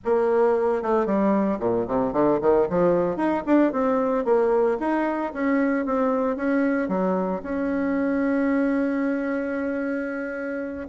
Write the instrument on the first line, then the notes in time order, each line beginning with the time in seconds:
bassoon
0.04 A#3
0.82 A3
1.05 G3
1.59 A#2
1.87 C3
2.12 D3
2.41 D#3
2.69 F3
3.16 D#4
3.45 D4
3.72 C4
4.24 A#3
4.79 D#4
5.33 C#4
5.85 C4
6.36 C#4
6.88 F#3
7.42 C#4